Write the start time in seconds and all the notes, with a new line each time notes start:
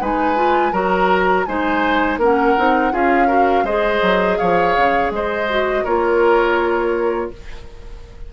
0.00 G#3 D#4 B4 G#5
0.36 F4
0.72 F#3 F#4 A#4 A#5
1.45 G#3 D#4 C5 G#5
2.17 A#3 C#4 A#4 F#5
2.57 C4 D#4
2.91 C#4 F4 G#4 F5
3.27 F#4 A#4
3.63 G#3 G#4 C5 D#5
4.02 F#3
4.38 F3 C#5 F5
4.76 C#3
5.10 G#3 C5 D#5
5.49 F#4
5.84 A#3 F4 A#4 C#5